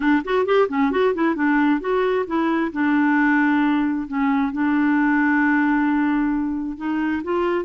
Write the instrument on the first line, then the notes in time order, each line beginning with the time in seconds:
clarinet
0.00 D4
0.24 F#4
0.45 G4
0.68 C#4
0.91 F#4
1.14 E4
1.35 D4
1.80 F#4
2.26 E4
2.72 D4
4.07 C#4
4.52 D4
6.77 D#4
7.23 F4